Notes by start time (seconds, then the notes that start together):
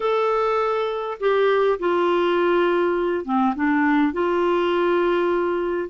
0.00 A4
1.20 G4
1.79 F4
3.24 C4
3.55 D4
4.13 F4